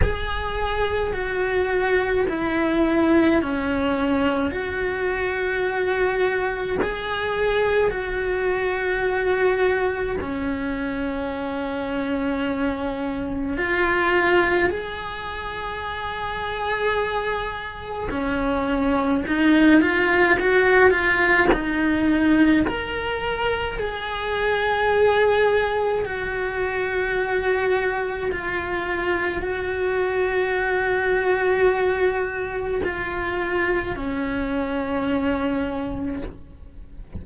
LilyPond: \new Staff \with { instrumentName = "cello" } { \time 4/4 \tempo 4 = 53 gis'4 fis'4 e'4 cis'4 | fis'2 gis'4 fis'4~ | fis'4 cis'2. | f'4 gis'2. |
cis'4 dis'8 f'8 fis'8 f'8 dis'4 | ais'4 gis'2 fis'4~ | fis'4 f'4 fis'2~ | fis'4 f'4 cis'2 | }